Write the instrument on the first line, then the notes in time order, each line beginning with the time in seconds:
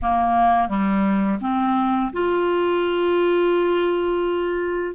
clarinet
0.02 A#3
0.68 G3
1.41 C4
2.12 F4